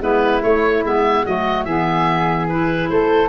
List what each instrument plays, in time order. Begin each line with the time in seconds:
0.00 tuba G#3, clarinet B3, flute E4, oboe B4
0.42 clarinet A3, tuba A3, oboe C#5
0.83 tuba G#3, clarinet B3, oboe E5
1.22 tuba F#3, clarinet A3, flute F#4, oboe D#5
1.64 tuba E3, clarinet B3, flute G#4, oboe E5
2.48 clarinet E4, oboe B4
2.89 tuba A3, flute A4, oboe C5